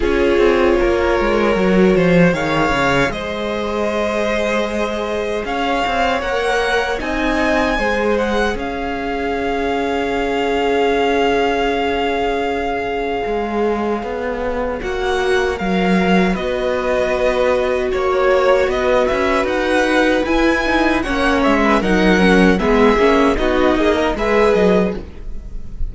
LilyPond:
<<
  \new Staff \with { instrumentName = "violin" } { \time 4/4 \tempo 4 = 77 cis''2. f''4 | dis''2. f''4 | fis''4 gis''4. fis''8 f''4~ | f''1~ |
f''2. fis''4 | f''4 dis''2 cis''4 | dis''8 e''8 fis''4 gis''4 fis''8 e''8 | fis''4 e''4 dis''4 e''8 dis''8 | }
  \new Staff \with { instrumentName = "violin" } { \time 4/4 gis'4 ais'4. c''8 cis''4 | c''2. cis''4~ | cis''4 dis''4 c''4 cis''4~ | cis''1~ |
cis''1~ | cis''4 b'2 cis''4 | b'2. cis''8. b'16 | ais'4 gis'4 fis'8 gis'16 ais'16 b'4 | }
  \new Staff \with { instrumentName = "viola" } { \time 4/4 f'2 fis'4 gis'4~ | gis'1 | ais'4 dis'4 gis'2~ | gis'1~ |
gis'2. fis'4 | ais'4 fis'2.~ | fis'2 e'8 dis'8 cis'4 | dis'8 cis'8 b8 cis'8 dis'4 gis'4 | }
  \new Staff \with { instrumentName = "cello" } { \time 4/4 cis'8 c'8 ais8 gis8 fis8 f8 dis8 cis8 | gis2. cis'8 c'8 | ais4 c'4 gis4 cis'4~ | cis'1~ |
cis'4 gis4 b4 ais4 | fis4 b2 ais4 | b8 cis'8 dis'4 e'4 ais8 gis8 | fis4 gis8 ais8 b8 ais8 gis8 fis8 | }
>>